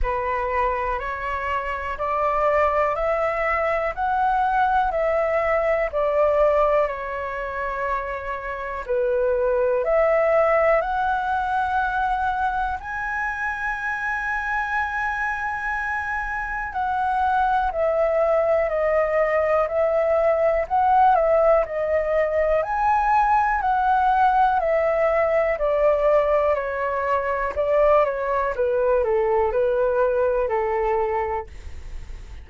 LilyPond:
\new Staff \with { instrumentName = "flute" } { \time 4/4 \tempo 4 = 61 b'4 cis''4 d''4 e''4 | fis''4 e''4 d''4 cis''4~ | cis''4 b'4 e''4 fis''4~ | fis''4 gis''2.~ |
gis''4 fis''4 e''4 dis''4 | e''4 fis''8 e''8 dis''4 gis''4 | fis''4 e''4 d''4 cis''4 | d''8 cis''8 b'8 a'8 b'4 a'4 | }